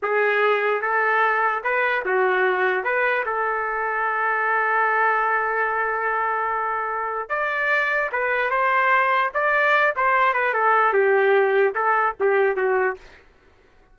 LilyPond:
\new Staff \with { instrumentName = "trumpet" } { \time 4/4 \tempo 4 = 148 gis'2 a'2 | b'4 fis'2 b'4 | a'1~ | a'1~ |
a'2 d''2 | b'4 c''2 d''4~ | d''8 c''4 b'8 a'4 g'4~ | g'4 a'4 g'4 fis'4 | }